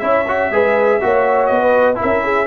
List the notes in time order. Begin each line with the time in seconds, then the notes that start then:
0.00 C#4 E4 C#5 E5
0.28 F#4
0.51 G#3 G#4 B4
1.01 A#3 F#4 C#5
1.47 B3 D#5
1.62 B4
1.96 E4 A#4 E5
2.04 C#4
2.24 G#4